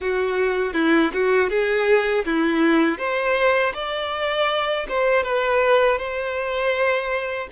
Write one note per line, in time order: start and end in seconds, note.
0.00 0.73 F#4
0.73 1.11 E4
1.12 1.49 F#4
1.49 2.24 G#4
2.25 2.98 E4
2.98 3.73 C5
3.74 4.86 D5
4.89 5.23 C5
5.23 5.98 B4
5.98 7.48 C5